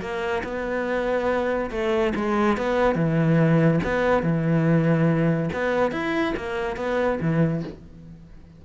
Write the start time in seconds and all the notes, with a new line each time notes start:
0.00 A#3
0.43 B3
1.71 A3
2.15 G#3
2.57 B3
2.95 E3
3.83 B3
4.23 E3
5.53 B3
5.91 E4
6.37 A#3
6.76 B3
7.21 E3